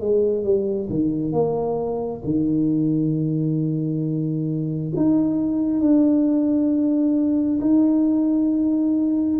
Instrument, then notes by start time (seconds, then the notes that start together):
tuba
0.00 G#3
0.44 G3
0.90 D#3
1.32 A#3
2.24 D#3
4.96 D#4
5.80 D4
7.61 D#4